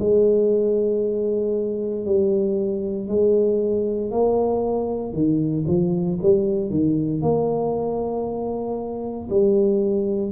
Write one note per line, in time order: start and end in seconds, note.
0.00 2.06 G#3
2.06 3.08 G3
3.08 4.11 G#3
4.11 5.13 A#3
5.13 5.65 D#3
5.68 6.20 F3
6.23 6.71 G3
6.71 7.22 D#3
7.22 9.29 A#3
9.30 10.32 G3